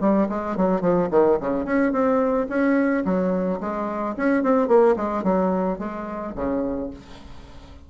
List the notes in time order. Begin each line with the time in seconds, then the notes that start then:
0.00 G3
0.29 G#3
0.56 F#3
0.81 F3
1.10 D#3
1.40 C#3
1.65 C#4
1.92 C4
2.48 C#4
3.05 F#3
3.60 G#3
4.17 C#4
4.43 C4
4.68 A#3
4.96 G#3
5.23 F#3
5.78 G#3
6.35 C#3